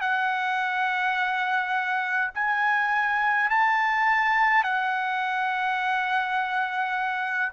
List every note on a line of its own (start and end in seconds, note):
0.00 2.31 F#5
2.34 3.49 G#5
3.50 4.63 A5
4.63 7.52 F#5